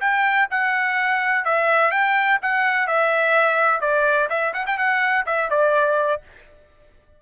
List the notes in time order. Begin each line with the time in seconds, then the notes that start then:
0.00 G5
0.50 F#5
1.45 E5
1.91 G5
2.42 F#5
2.87 E5
3.81 D5
4.29 E5
4.53 F#5
4.66 G5
4.77 F#5
5.26 E5
5.50 D5